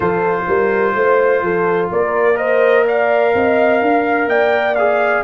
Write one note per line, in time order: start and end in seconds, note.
0.00 0.43 F3
0.00 2.34 F4
0.00 0.45 A4
0.00 1.89 C5
0.47 0.94 G3
0.47 0.95 A#4
0.94 1.42 A3
0.94 1.42 C5
1.42 1.90 F3
1.42 1.90 A4
1.91 3.34 A#3
1.91 2.37 A#4
1.91 2.37 D5
2.34 4.72 A#4
2.34 2.85 C5
2.34 2.84 D#5
2.85 3.33 D5
2.85 4.29 F5
3.34 3.81 C4
3.34 3.82 D#5
3.81 4.26 D4
3.81 4.29 F5
4.26 5.21 A#3
4.26 5.24 D5
4.26 4.75 G5
4.75 5.24 G#4
4.75 5.23 F5